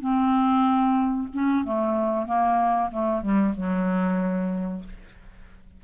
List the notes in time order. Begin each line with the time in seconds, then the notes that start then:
0.00 C4
1.33 C#4
1.64 A3
2.26 A#3
2.91 A3
3.21 G3
3.56 F#3